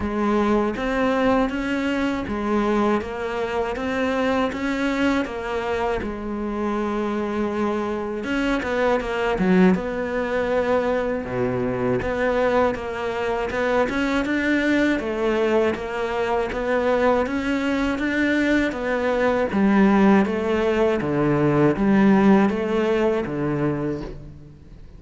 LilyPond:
\new Staff \with { instrumentName = "cello" } { \time 4/4 \tempo 4 = 80 gis4 c'4 cis'4 gis4 | ais4 c'4 cis'4 ais4 | gis2. cis'8 b8 | ais8 fis8 b2 b,4 |
b4 ais4 b8 cis'8 d'4 | a4 ais4 b4 cis'4 | d'4 b4 g4 a4 | d4 g4 a4 d4 | }